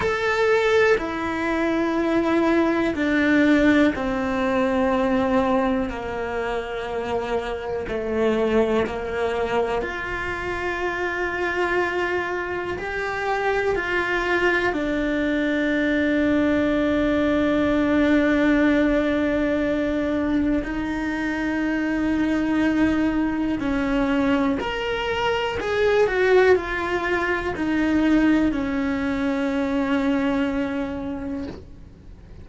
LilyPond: \new Staff \with { instrumentName = "cello" } { \time 4/4 \tempo 4 = 61 a'4 e'2 d'4 | c'2 ais2 | a4 ais4 f'2~ | f'4 g'4 f'4 d'4~ |
d'1~ | d'4 dis'2. | cis'4 ais'4 gis'8 fis'8 f'4 | dis'4 cis'2. | }